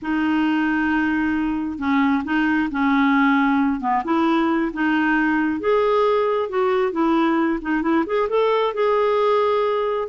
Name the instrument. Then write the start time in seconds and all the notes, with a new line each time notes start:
clarinet
0.02 D#4
1.78 C#4
2.24 D#4
2.71 C#4
3.80 B3
4.04 E4
4.73 D#4
5.59 G#4
6.49 F#4
6.92 E4
7.61 D#4
7.82 E4
8.06 G#4
8.29 A4
8.74 G#4